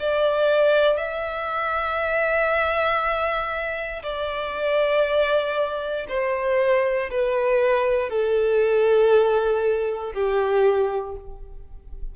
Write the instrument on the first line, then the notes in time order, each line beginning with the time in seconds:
violin
0.00 D5
0.98 E5
4.03 D5
6.08 C5
7.10 B4
8.09 A4
10.14 G4